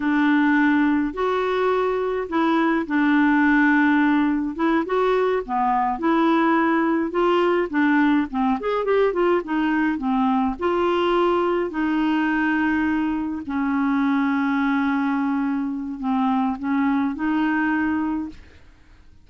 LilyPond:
\new Staff \with { instrumentName = "clarinet" } { \time 4/4 \tempo 4 = 105 d'2 fis'2 | e'4 d'2. | e'8 fis'4 b4 e'4.~ | e'8 f'4 d'4 c'8 gis'8 g'8 |
f'8 dis'4 c'4 f'4.~ | f'8 dis'2. cis'8~ | cis'1 | c'4 cis'4 dis'2 | }